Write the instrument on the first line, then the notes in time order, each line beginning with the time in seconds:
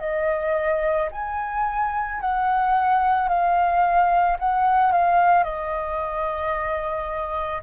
flute
0.00 D#5
1.12 G#5
2.22 F#5
3.29 F5
4.40 F#5
4.92 F5
5.44 D#5